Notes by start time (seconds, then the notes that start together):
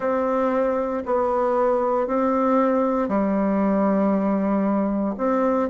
0.00 C4
1.05 B3
2.07 C4
3.08 G3
5.17 C4